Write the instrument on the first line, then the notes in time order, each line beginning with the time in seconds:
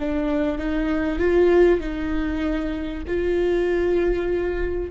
viola
0.00 D4
0.59 D#4
1.19 F4
1.81 D#4
3.08 F4